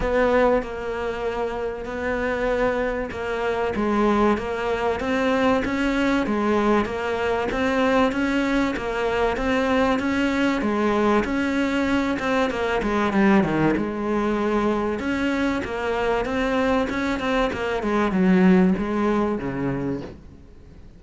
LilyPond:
\new Staff \with { instrumentName = "cello" } { \time 4/4 \tempo 4 = 96 b4 ais2 b4~ | b4 ais4 gis4 ais4 | c'4 cis'4 gis4 ais4 | c'4 cis'4 ais4 c'4 |
cis'4 gis4 cis'4. c'8 | ais8 gis8 g8 dis8 gis2 | cis'4 ais4 c'4 cis'8 c'8 | ais8 gis8 fis4 gis4 cis4 | }